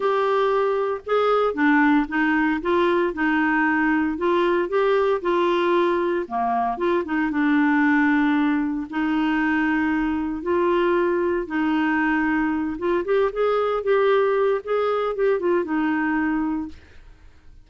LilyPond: \new Staff \with { instrumentName = "clarinet" } { \time 4/4 \tempo 4 = 115 g'2 gis'4 d'4 | dis'4 f'4 dis'2 | f'4 g'4 f'2 | ais4 f'8 dis'8 d'2~ |
d'4 dis'2. | f'2 dis'2~ | dis'8 f'8 g'8 gis'4 g'4. | gis'4 g'8 f'8 dis'2 | }